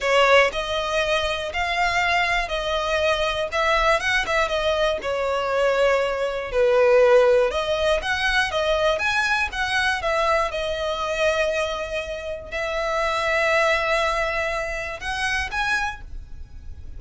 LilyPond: \new Staff \with { instrumentName = "violin" } { \time 4/4 \tempo 4 = 120 cis''4 dis''2 f''4~ | f''4 dis''2 e''4 | fis''8 e''8 dis''4 cis''2~ | cis''4 b'2 dis''4 |
fis''4 dis''4 gis''4 fis''4 | e''4 dis''2.~ | dis''4 e''2.~ | e''2 fis''4 gis''4 | }